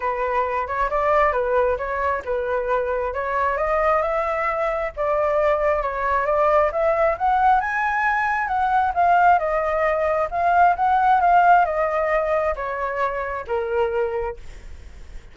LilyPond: \new Staff \with { instrumentName = "flute" } { \time 4/4 \tempo 4 = 134 b'4. cis''8 d''4 b'4 | cis''4 b'2 cis''4 | dis''4 e''2 d''4~ | d''4 cis''4 d''4 e''4 |
fis''4 gis''2 fis''4 | f''4 dis''2 f''4 | fis''4 f''4 dis''2 | cis''2 ais'2 | }